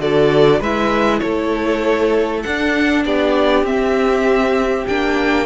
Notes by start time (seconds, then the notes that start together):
0.00 D3 F#4 A4 D5
0.60 G#3 E4 B4 E5
1.20 A3 A4 C#5
2.43 D4 F#5
3.05 B3 G4 D5
3.64 C4 E5
4.87 A#3 D4 G5